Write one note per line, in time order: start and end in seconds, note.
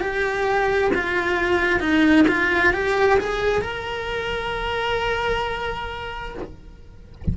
0.00 0.91 G4
0.94 1.80 F4
1.80 2.25 D#4
2.28 2.73 F4
2.73 3.19 G4
3.19 3.62 G#4
3.62 6.34 A#4